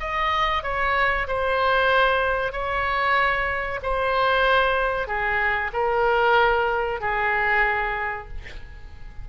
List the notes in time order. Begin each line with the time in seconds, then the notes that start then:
0.00 D#5
0.63 C#5
1.28 C5
2.52 C#5
3.83 C5
5.07 G#4
5.73 A#4
7.01 G#4